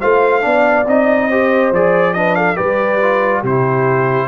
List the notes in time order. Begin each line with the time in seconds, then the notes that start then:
0.00 A3 F4 C5 F5
0.41 B3 D4 D5
0.86 C4 D#4 D#5
1.28 G4 C5
1.71 F3 G#4 D5
2.13 D4 B4 D#5
2.35 A4 F5
2.55 G3 G4 B4 D5
3.01 F4
3.40 C3 E4 G4 C5